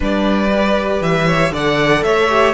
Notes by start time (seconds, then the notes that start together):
0.00 G3 D4 B4 D5
0.54 G4
1.00 E3 E5
1.26 C#5
1.51 D3 A4 D5 F#5
2.03 A3 C#5 E5
2.29 G4